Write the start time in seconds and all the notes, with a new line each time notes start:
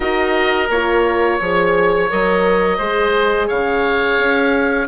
0.00 D#4 F#4 A#4 D#5
0.69 A#3 F4 C#5
1.39 F3 G#4 C#5
2.10 F#3 A#4 D#5
2.77 G#3 G#4 C5
3.47 C#3 C#5 F5
4.18 C#4